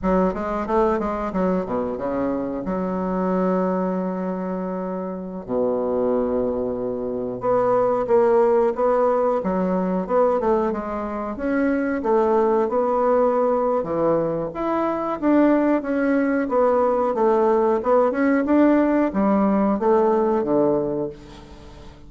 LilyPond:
\new Staff \with { instrumentName = "bassoon" } { \time 4/4 \tempo 4 = 91 fis8 gis8 a8 gis8 fis8 b,8 cis4 | fis1~ | fis16 b,2. b8.~ | b16 ais4 b4 fis4 b8 a16~ |
a16 gis4 cis'4 a4 b8.~ | b4 e4 e'4 d'4 | cis'4 b4 a4 b8 cis'8 | d'4 g4 a4 d4 | }